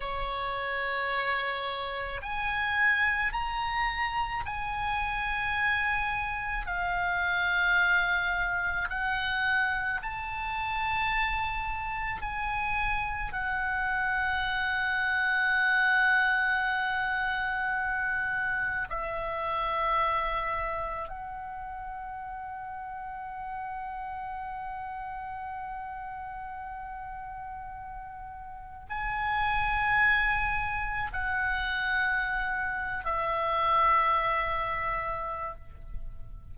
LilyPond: \new Staff \with { instrumentName = "oboe" } { \time 4/4 \tempo 4 = 54 cis''2 gis''4 ais''4 | gis''2 f''2 | fis''4 a''2 gis''4 | fis''1~ |
fis''4 e''2 fis''4~ | fis''1~ | fis''2 gis''2 | fis''4.~ fis''16 e''2~ e''16 | }